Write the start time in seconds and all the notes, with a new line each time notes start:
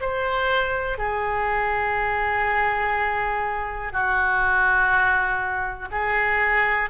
0.00 C5
0.97 G#4
3.92 F#4
5.91 G#4